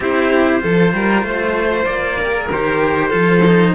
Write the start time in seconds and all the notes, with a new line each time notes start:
0.00 C4 E4 G4 C5
0.60 F3 F4 A4
0.93 G3 A#4
1.23 A3 C5
1.85 A#3 D5
2.19 G4 A#4
2.34 G#4
2.50 D#3 G4 C5
3.08 F3 F4 A4
3.47 D#4